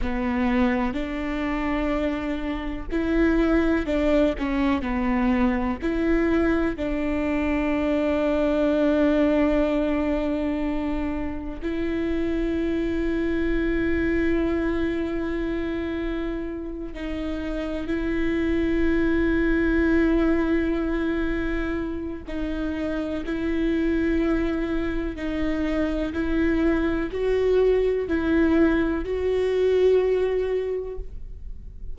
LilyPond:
\new Staff \with { instrumentName = "viola" } { \time 4/4 \tempo 4 = 62 b4 d'2 e'4 | d'8 cis'8 b4 e'4 d'4~ | d'1 | e'1~ |
e'4. dis'4 e'4.~ | e'2. dis'4 | e'2 dis'4 e'4 | fis'4 e'4 fis'2 | }